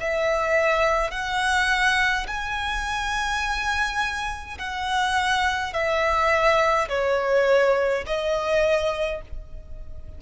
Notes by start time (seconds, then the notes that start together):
0.00 E5
1.11 F#5
2.27 G#5
4.58 F#5
5.73 E5
6.89 C#5
8.06 D#5